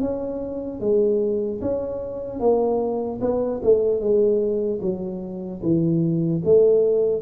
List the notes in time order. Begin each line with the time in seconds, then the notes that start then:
0.00 C#4
0.80 G#3
1.61 C#4
2.39 A#3
3.21 B3
3.63 A3
4.00 G#3
4.81 F#3
5.62 E3
6.44 A3